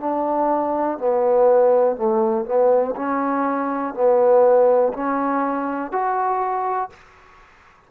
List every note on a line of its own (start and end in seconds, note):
0.00 0.98 D4
0.98 1.96 B3
1.96 2.45 A3
2.45 2.95 B3
2.96 3.94 C#4
3.94 4.93 B3
4.94 5.92 C#4
5.92 6.90 F#4